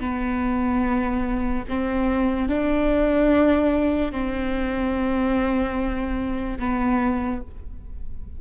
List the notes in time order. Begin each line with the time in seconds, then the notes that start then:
0.00 B3
1.68 C4
2.48 D4
4.12 C4
6.59 B3